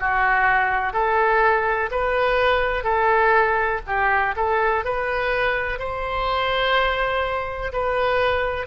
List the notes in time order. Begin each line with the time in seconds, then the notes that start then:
0.00 F#4
0.93 A4
1.91 B4
2.84 A4
3.87 G4
4.36 A4
4.84 B4
5.79 C5
7.73 B4